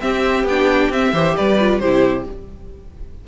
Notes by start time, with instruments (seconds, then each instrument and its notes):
0.00 viola C4, cello C4, violin G4 E5
0.43 cello B3, violin G5
0.50 viola D4
0.90 cello C4, viola C4, violin E5
1.12 cello E3, viola G4, violin C5
1.36 cello G3, violin B4 D5
1.60 viola F4
1.79 cello C3, viola E4, violin G4 C5